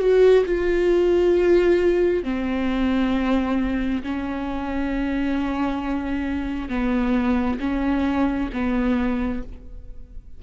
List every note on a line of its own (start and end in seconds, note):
0.00 0.45 F#4
0.46 2.24 F4
2.24 4.03 C4
4.03 6.69 C#4
6.69 7.59 B3
7.60 8.50 C#4
8.54 9.43 B3